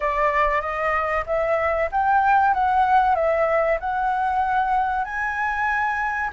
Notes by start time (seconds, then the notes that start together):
0.00 D5
0.61 D#5
1.26 E5
1.91 G5
2.53 F#5
3.15 E5
3.80 F#5
5.04 G#5